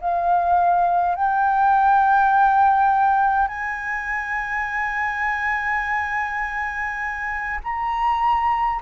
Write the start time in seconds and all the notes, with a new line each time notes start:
0.00 F5
1.15 G5
3.48 G#5
7.63 A#5